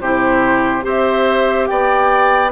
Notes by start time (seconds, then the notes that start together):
0.00 C3 E4 G4 C5
0.81 C4 G4 C5
0.88 E5
1.67 B3 D5 G5